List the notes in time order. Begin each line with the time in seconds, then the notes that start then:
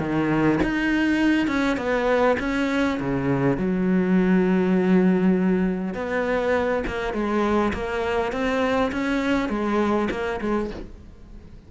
0.00 D#3
0.63 D#4
1.48 C#4
1.78 B3
2.40 C#4
3.01 C#3
3.58 F#3
5.95 B3
6.88 A#3
7.14 G#3
7.74 A#3
8.33 C4
8.92 C#4
9.50 G#3
10.11 A#3
10.41 G#3